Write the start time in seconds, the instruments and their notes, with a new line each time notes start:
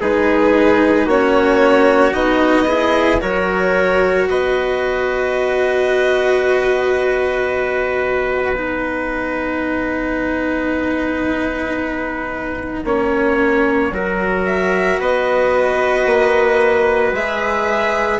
0.00 bassoon G#3, cello D#4, trumpet G#4, violin B4
1.06 bassoon A#3, cello C#4, trumpet F#4, violin C#5
2.12 bassoon B3, cello D#4, violin D#5
2.67 cello E4, trumpet G#4
3.20 bassoon F#3, cello F#4, trumpet A#4, violin C#5
4.27 bassoon B3, trumpet B4, violin D#5
8.56 cello D#4, violin F#5
12.84 bassoon A#3, cello C#4, trumpet C#5
13.92 bassoon F#3, cello F#4, trumpet A#4
14.46 violin E5
14.99 bassoon B3, trumpet B4, violin D#5
16.06 bassoon A#3
17.12 bassoon G#3, cello G#4, violin E5